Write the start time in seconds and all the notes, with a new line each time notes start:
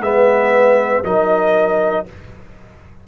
0.00 G#3 B3 B4 E5
1.04 F#3 D#4 A#4 D#5